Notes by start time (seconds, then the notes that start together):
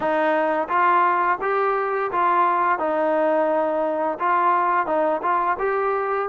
0.00 D#4
0.68 F4
1.41 G4
2.11 F4
2.78 D#4
4.19 F4
4.86 D#4
5.22 F4
5.58 G4